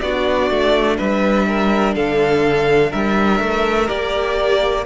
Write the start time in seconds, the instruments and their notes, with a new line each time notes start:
0.00 cello B3, viola D4, violin F#4 D5
0.50 cello A3
0.97 cello G3, violin B4 E5
1.48 violin A#4
1.95 cello D3, violin A4 F5
2.90 cello G3, violin A#4 E5
3.40 cello A3
3.87 cello A#3, viola G4, violin D5